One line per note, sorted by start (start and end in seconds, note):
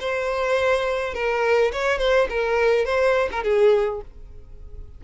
0.00 1.14 C5
1.14 1.72 A#4
1.72 1.99 C#5
1.99 2.27 C5
2.29 2.85 A#4
2.85 3.29 C5
3.31 3.44 A#4
3.44 4.01 G#4